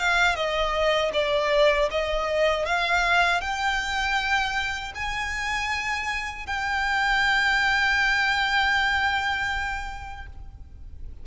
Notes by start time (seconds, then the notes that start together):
0.00 F5
0.36 D#5
1.14 D5
1.91 D#5
2.66 F5
3.41 G5
4.95 G#5
6.47 G5